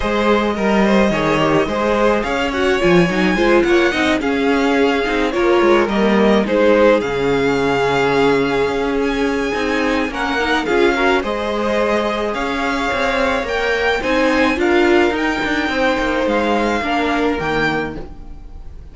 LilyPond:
<<
  \new Staff \with { instrumentName = "violin" } { \time 4/4 \tempo 4 = 107 dis''1 | f''8 fis''8 gis''4. fis''4 f''8~ | f''4. cis''4 dis''4 c''8~ | c''8 f''2.~ f''8 |
gis''2 fis''4 f''4 | dis''2 f''2 | g''4 gis''4 f''4 g''4~ | g''4 f''2 g''4 | }
  \new Staff \with { instrumentName = "violin" } { \time 4/4 c''4 ais'8 c''8 cis''4 c''4 | cis''2 c''8 cis''8 dis''8 gis'8~ | gis'4. ais'2 gis'8~ | gis'1~ |
gis'2 ais'4 gis'8 ais'8 | c''2 cis''2~ | cis''4 c''4 ais'2 | c''2 ais'2 | }
  \new Staff \with { instrumentName = "viola" } { \time 4/4 gis'4 ais'4 gis'8 g'8 gis'4~ | gis'8 fis'8 f'8 dis'8 f'4 dis'8 cis'8~ | cis'4 dis'8 f'4 ais4 dis'8~ | dis'8 cis'2.~ cis'8~ |
cis'4 dis'4 cis'8 dis'8 f'8 fis'8 | gis'1 | ais'4 dis'4 f'4 dis'4~ | dis'2 d'4 ais4 | }
  \new Staff \with { instrumentName = "cello" } { \time 4/4 gis4 g4 dis4 gis4 | cis'4 f8 fis8 gis8 ais8 c'8 cis'8~ | cis'4 c'8 ais8 gis8 g4 gis8~ | gis8 cis2. cis'8~ |
cis'4 c'4 ais4 cis'4 | gis2 cis'4 c'4 | ais4 c'4 d'4 dis'8 d'8 | c'8 ais8 gis4 ais4 dis4 | }
>>